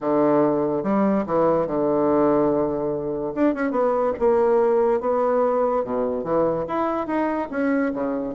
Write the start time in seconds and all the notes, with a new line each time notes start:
0.00 D3
0.83 G3
1.26 E3
1.66 D3
3.34 D4
3.54 C#4
3.71 B3
4.19 A#3
5.00 B3
5.83 B2
6.24 E3
6.67 E4
7.06 D#4
7.50 C#4
7.93 C#3